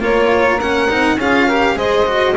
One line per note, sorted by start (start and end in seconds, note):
0.00 0.88 A#3
0.00 0.59 F4
0.00 1.18 A#4
0.00 0.60 C#5
0.60 0.89 C#4
0.60 1.19 F#5
0.89 1.17 C4
0.89 1.19 D#4
1.17 1.75 C#4
1.17 1.49 F4
1.17 1.46 G#4
1.17 1.78 F5
1.46 1.76 G4
1.46 1.75 A#4
1.75 2.34 G#3
1.75 2.05 G#4
1.75 2.36 C5
1.75 2.37 D#5
2.06 2.35 F#4